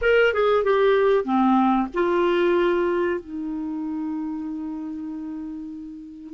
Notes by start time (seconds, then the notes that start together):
0.01 A#4
0.33 G#4
0.64 G4
1.24 C4
1.94 F4
3.20 D#4